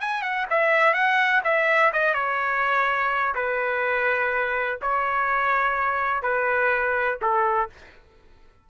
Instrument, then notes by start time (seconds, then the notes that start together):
trumpet
0.00 G#5
0.22 F#5
0.50 E5
0.93 F#5
1.44 E5
1.92 D#5
2.14 C#5
3.35 B4
4.81 C#5
6.22 B4
7.21 A4